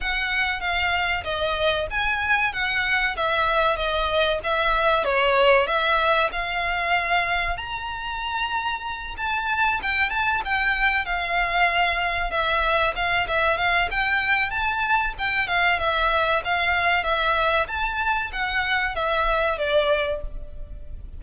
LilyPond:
\new Staff \with { instrumentName = "violin" } { \time 4/4 \tempo 4 = 95 fis''4 f''4 dis''4 gis''4 | fis''4 e''4 dis''4 e''4 | cis''4 e''4 f''2 | ais''2~ ais''8 a''4 g''8 |
a''8 g''4 f''2 e''8~ | e''8 f''8 e''8 f''8 g''4 a''4 | g''8 f''8 e''4 f''4 e''4 | a''4 fis''4 e''4 d''4 | }